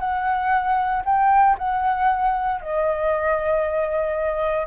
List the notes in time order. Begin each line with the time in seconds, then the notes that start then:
0.00 F#5
1.05 G5
1.59 F#5
2.62 D#5